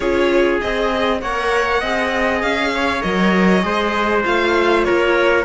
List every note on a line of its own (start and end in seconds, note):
0.00 0.59 C#4
0.00 0.61 F4
0.00 1.19 G#4
0.00 0.60 C#5
0.61 1.21 C4
0.61 1.22 G#4
0.61 1.21 D#5
1.21 1.81 A#3
1.21 1.83 A#4
1.21 1.80 C#5
1.21 2.42 F#5
1.80 2.42 C4
1.80 3.01 G#4
1.80 2.71 D#5
2.42 3.02 C#4
2.42 3.02 F5
2.75 3.65 C#5
3.01 3.63 F#3
3.01 3.60 A#4
3.01 4.23 D#5
3.60 4.24 G#3
3.60 4.21 G#4
3.60 4.86 C5
4.23 4.86 A3
4.23 5.45 F4
4.23 4.84 F5
4.84 5.45 A#3
4.84 5.45 A#4
4.84 5.44 C#5